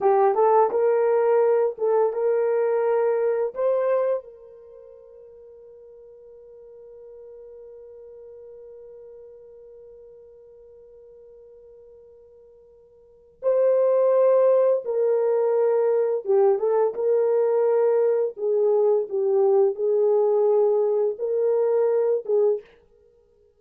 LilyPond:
\new Staff \with { instrumentName = "horn" } { \time 4/4 \tempo 4 = 85 g'8 a'8 ais'4. a'8 ais'4~ | ais'4 c''4 ais'2~ | ais'1~ | ais'1~ |
ais'2. c''4~ | c''4 ais'2 g'8 a'8 | ais'2 gis'4 g'4 | gis'2 ais'4. gis'8 | }